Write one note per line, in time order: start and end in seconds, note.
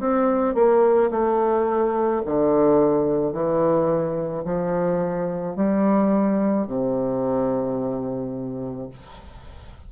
0.00 0.55 C4
0.55 1.11 A#3
1.11 2.22 A3
2.26 3.33 D3
3.33 4.44 E3
4.45 5.56 F3
5.56 6.67 G3
6.68 8.90 C3